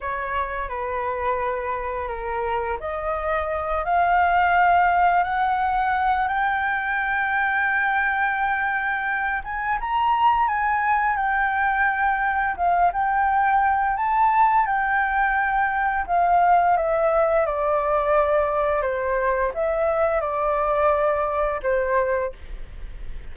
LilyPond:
\new Staff \with { instrumentName = "flute" } { \time 4/4 \tempo 4 = 86 cis''4 b'2 ais'4 | dis''4. f''2 fis''8~ | fis''4 g''2.~ | g''4. gis''8 ais''4 gis''4 |
g''2 f''8 g''4. | a''4 g''2 f''4 | e''4 d''2 c''4 | e''4 d''2 c''4 | }